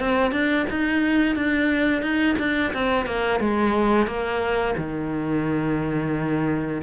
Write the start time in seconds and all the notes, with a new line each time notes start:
0.00 C4
0.32 D4
0.70 D#4
1.36 D4
2.02 D#4
2.39 D4
2.74 C4
3.06 A#3
3.40 G#3
4.07 A#3
4.77 D#3